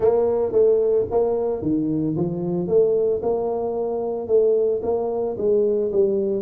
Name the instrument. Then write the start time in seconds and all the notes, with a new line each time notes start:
tuba
0.00 A#3
0.52 A3
1.10 A#3
1.62 D#3
2.16 F3
2.67 A3
3.22 A#3
4.27 A3
4.82 A#3
5.37 G#3
5.91 G3